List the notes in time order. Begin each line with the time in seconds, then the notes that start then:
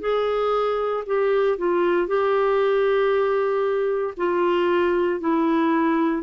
0.00 G#4
1.06 G4
1.58 F4
2.07 G4
4.17 F4
5.20 E4